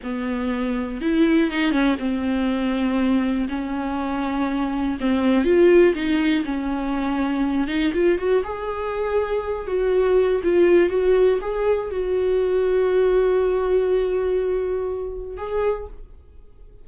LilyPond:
\new Staff \with { instrumentName = "viola" } { \time 4/4 \tempo 4 = 121 b2 e'4 dis'8 cis'8 | c'2. cis'4~ | cis'2 c'4 f'4 | dis'4 cis'2~ cis'8 dis'8 |
f'8 fis'8 gis'2~ gis'8 fis'8~ | fis'4 f'4 fis'4 gis'4 | fis'1~ | fis'2. gis'4 | }